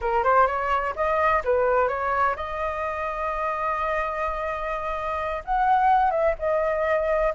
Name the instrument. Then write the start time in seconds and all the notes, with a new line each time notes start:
flute
0.01 A#4
0.23 C5
0.46 C#5
0.95 D#5
1.44 B4
1.87 C#5
2.36 D#5
5.44 F#5
6.11 E5
6.39 D#5